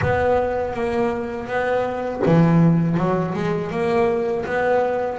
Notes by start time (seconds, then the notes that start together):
0.01 B3
0.73 A#3
1.47 B3
2.26 E3
2.97 F#3
3.34 G#3
3.70 A#3
4.45 B3